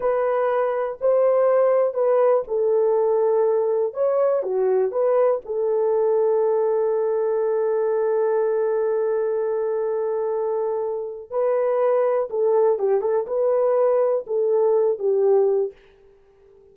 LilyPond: \new Staff \with { instrumentName = "horn" } { \time 4/4 \tempo 4 = 122 b'2 c''2 | b'4 a'2. | cis''4 fis'4 b'4 a'4~ | a'1~ |
a'1~ | a'2. b'4~ | b'4 a'4 g'8 a'8 b'4~ | b'4 a'4. g'4. | }